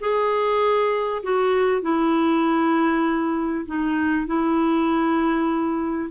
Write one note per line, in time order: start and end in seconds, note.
0.00 1.22 G#4
1.23 1.82 F#4
1.82 3.65 E4
3.66 4.26 D#4
4.26 6.10 E4